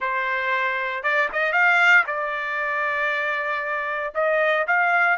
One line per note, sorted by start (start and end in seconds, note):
0.00 1.03 C5
1.03 1.29 D5
1.32 1.52 D#5
1.52 2.04 F5
2.06 4.13 D5
4.14 4.66 D#5
4.67 5.17 F5